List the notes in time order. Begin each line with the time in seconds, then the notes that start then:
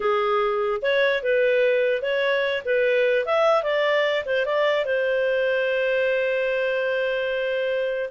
0.00 G#4
0.82 C#5
1.23 B4
2.01 C#5
2.65 B4
3.25 E5
3.63 D5
4.25 C5
4.45 D5
4.85 C5